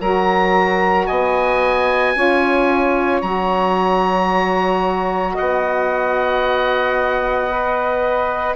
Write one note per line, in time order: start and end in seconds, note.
0.00 1.08 F#3
0.00 2.15 F#4
0.00 1.07 A#4
0.00 1.07 A#5
1.07 2.16 B3
1.07 2.14 D#5
1.07 3.22 G#5
2.15 3.23 C#4
2.15 3.23 F4
2.15 5.34 C#5
3.22 5.37 F#3
3.22 7.50 F#4
3.22 5.36 A#5
5.34 8.57 B3
5.34 8.56 D#5
5.34 8.57 F#5
7.50 8.57 B4